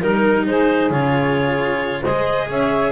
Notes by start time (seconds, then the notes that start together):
0.00 G3 D#4 A#4
0.46 G#3 G#4 C5
0.89 C#3 F4 C#5
2.01 G#3 C5 D#5
2.08 G#4
2.49 C#4 C#5 E5